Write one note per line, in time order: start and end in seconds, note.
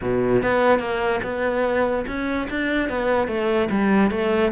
0.01 0.42 B2
0.42 0.79 B3
0.79 1.20 A#3
1.23 2.05 B3
2.07 2.48 C#4
2.50 2.89 D4
2.89 3.27 B3
3.27 3.68 A3
3.70 4.10 G3
4.10 4.51 A3